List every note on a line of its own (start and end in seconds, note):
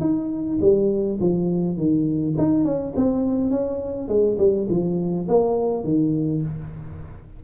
0.00 0.58 D#4
0.61 1.19 G3
1.20 1.77 F3
1.77 2.35 D#3
2.38 2.64 D#4
2.64 2.93 C#4
2.96 3.50 C4
3.50 4.08 C#4
4.08 4.37 G#3
4.38 4.67 G3
4.69 5.27 F3
5.28 5.83 A#3
5.83 6.42 D#3